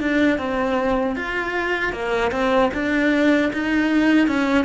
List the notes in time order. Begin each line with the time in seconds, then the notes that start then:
0.00 D4
0.38 C4
1.15 F4
1.92 A#3
2.31 C4
2.73 D4
3.52 D#4
4.27 C#4